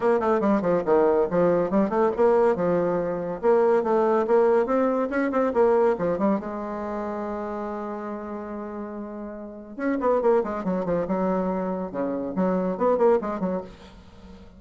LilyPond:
\new Staff \with { instrumentName = "bassoon" } { \time 4/4 \tempo 4 = 141 ais8 a8 g8 f8 dis4 f4 | g8 a8 ais4 f2 | ais4 a4 ais4 c'4 | cis'8 c'8 ais4 f8 g8 gis4~ |
gis1~ | gis2. cis'8 b8 | ais8 gis8 fis8 f8 fis2 | cis4 fis4 b8 ais8 gis8 fis8 | }